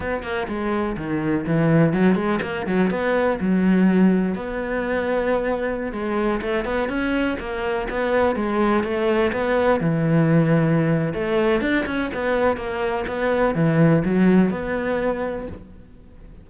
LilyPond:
\new Staff \with { instrumentName = "cello" } { \time 4/4 \tempo 4 = 124 b8 ais8 gis4 dis4 e4 | fis8 gis8 ais8 fis8 b4 fis4~ | fis4 b2.~ | b16 gis4 a8 b8 cis'4 ais8.~ |
ais16 b4 gis4 a4 b8.~ | b16 e2~ e8. a4 | d'8 cis'8 b4 ais4 b4 | e4 fis4 b2 | }